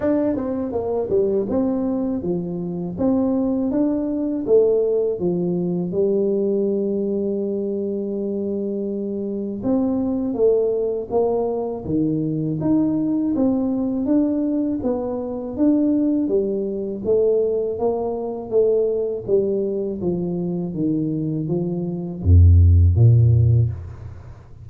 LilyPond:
\new Staff \with { instrumentName = "tuba" } { \time 4/4 \tempo 4 = 81 d'8 c'8 ais8 g8 c'4 f4 | c'4 d'4 a4 f4 | g1~ | g4 c'4 a4 ais4 |
dis4 dis'4 c'4 d'4 | b4 d'4 g4 a4 | ais4 a4 g4 f4 | dis4 f4 f,4 ais,4 | }